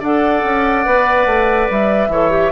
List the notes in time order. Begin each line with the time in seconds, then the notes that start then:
0.00 D4 A4 D5 F#5
0.44 C#4
0.85 B3 B4
1.26 A3
1.70 G3 E5
2.08 E3 A4 C#5
2.31 G4